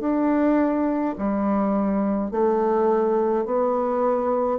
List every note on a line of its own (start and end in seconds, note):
0.00 1.15 D4
1.19 2.32 G3
2.32 3.46 A3
3.46 4.59 B3